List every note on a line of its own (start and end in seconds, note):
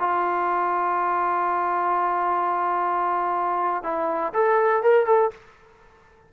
0.00 3.83 F4
3.83 4.33 E4
4.34 4.83 A4
4.83 5.06 A#4
5.06 5.31 A4